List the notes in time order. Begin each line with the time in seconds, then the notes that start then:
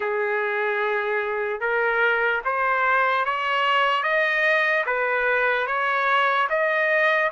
0.00 G#4
1.60 A#4
2.45 C5
3.25 C#5
4.03 D#5
4.86 B4
5.66 C#5
6.49 D#5